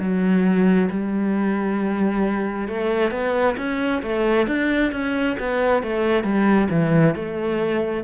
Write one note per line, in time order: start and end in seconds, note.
0.00 0.90 F#3
0.90 2.68 G3
2.68 3.11 A3
3.11 3.56 B3
3.57 4.02 C#4
4.03 4.48 A3
4.48 4.93 D4
4.93 5.37 C#4
5.39 5.83 B3
5.83 6.24 A3
6.24 6.68 G3
6.71 7.16 E3
7.16 8.04 A3